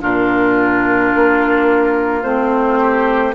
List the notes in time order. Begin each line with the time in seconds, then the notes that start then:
0.00 A#2 D4 F4 A#4
1.15 A#3
2.23 A3 C4 C5
2.79 G4